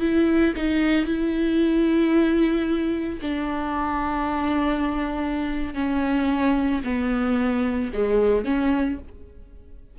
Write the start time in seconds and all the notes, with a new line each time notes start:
0.00 E4
0.56 D#4
1.06 E4
3.21 D4
5.74 C#4
6.84 B3
7.93 G#3
8.45 C#4